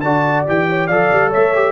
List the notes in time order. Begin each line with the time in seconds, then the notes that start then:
0.00 D3 F#4 D5 A5
0.46 E3 G4 G5
0.69 C#5
0.87 F3 A4 D5 F5
1.12 G3
1.29 A3 C#5 E5
1.54 G4